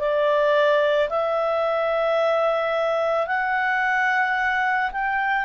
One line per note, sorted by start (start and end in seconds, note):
0.00 1.09 D5
1.09 3.27 E5
3.27 4.91 F#5
4.91 5.45 G5